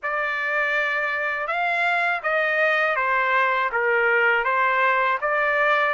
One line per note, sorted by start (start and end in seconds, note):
0.02 1.46 D5
1.46 2.21 F5
2.22 2.96 D#5
2.96 3.70 C5
3.71 4.44 A#4
4.44 5.18 C5
5.21 5.94 D5